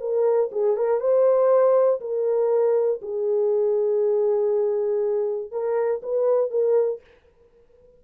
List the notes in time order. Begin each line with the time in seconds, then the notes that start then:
0.00 A#4
0.51 G#4
0.76 A#4
1.00 C5
2.00 A#4
3.01 G#4
5.51 A#4
6.02 B4
6.50 A#4